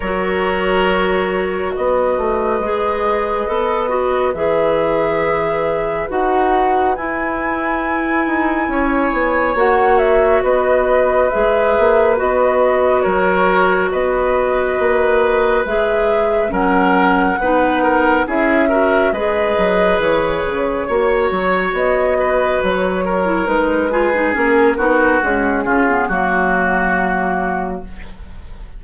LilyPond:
<<
  \new Staff \with { instrumentName = "flute" } { \time 4/4 \tempo 4 = 69 cis''2 dis''2~ | dis''4 e''2 fis''4 | gis''2. fis''8 e''8 | dis''4 e''4 dis''4 cis''4 |
dis''2 e''4 fis''4~ | fis''4 e''4 dis''4 cis''4~ | cis''4 dis''4 cis''4 b'4 | ais'4 gis'4 fis'2 | }
  \new Staff \with { instrumentName = "oboe" } { \time 4/4 ais'2 b'2~ | b'1~ | b'2 cis''2 | b'2. ais'4 |
b'2. ais'4 | b'8 ais'8 gis'8 ais'8 b'2 | cis''4. b'4 ais'4 gis'8~ | gis'8 fis'4 f'8 fis'2 | }
  \new Staff \with { instrumentName = "clarinet" } { \time 4/4 fis'2. gis'4 | a'8 fis'8 gis'2 fis'4 | e'2. fis'4~ | fis'4 gis'4 fis'2~ |
fis'2 gis'4 cis'4 | dis'4 e'8 fis'8 gis'2 | fis'2~ fis'8. e'16 dis'8 f'16 dis'16 | cis'8 dis'8 gis8 cis'16 b16 ais2 | }
  \new Staff \with { instrumentName = "bassoon" } { \time 4/4 fis2 b8 a8 gis4 | b4 e2 dis'4 | e'4. dis'8 cis'8 b8 ais4 | b4 gis8 ais8 b4 fis4 |
b4 ais4 gis4 fis4 | b4 cis'4 gis8 fis8 e8 cis8 | ais8 fis8 b4 fis4 gis4 | ais8 b8 cis'8 cis8 fis2 | }
>>